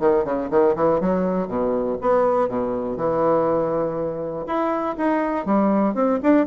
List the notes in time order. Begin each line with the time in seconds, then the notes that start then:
0.00 D#3
0.25 C#3
0.51 D#3
0.76 E3
1.01 F#3
1.48 B2
2.02 B3
2.49 B2
2.97 E3
4.47 E4
4.98 D#4
5.46 G3
5.95 C4
6.23 D4